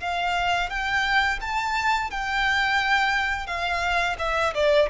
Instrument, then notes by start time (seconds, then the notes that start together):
violin
0.00 F5
0.69 G5
1.41 A5
2.11 G5
3.46 F5
4.19 E5
4.54 D5